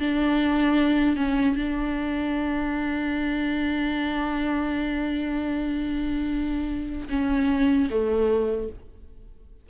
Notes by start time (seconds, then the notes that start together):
0.00 D4
1.17 C#4
1.56 D4
7.10 C#4
7.91 A3